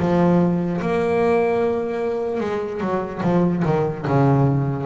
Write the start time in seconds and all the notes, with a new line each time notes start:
0.00 F3
0.81 A#3
2.41 G#3
2.81 F#3
3.23 F3
3.66 D#3
4.08 C#3